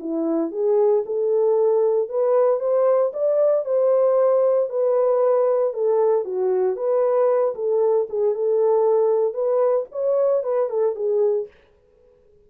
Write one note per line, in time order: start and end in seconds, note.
0.00 0.52 E4
0.52 1.04 G#4
1.06 2.09 A4
2.09 2.60 B4
2.60 3.12 C5
3.13 3.65 D5
3.65 4.70 C5
4.70 5.74 B4
5.74 6.25 A4
6.25 6.77 F#4
6.77 7.55 B4
7.56 8.08 A4
8.10 8.35 G#4
8.35 9.34 A4
9.34 9.86 B4
9.92 10.44 C#5
10.44 10.70 B4
10.70 10.96 A4
10.96 11.48 G#4